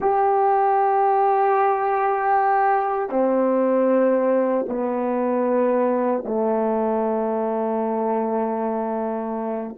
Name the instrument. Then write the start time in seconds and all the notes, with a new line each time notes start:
horn
0.00 G4
3.09 C4
4.68 B3
6.25 A3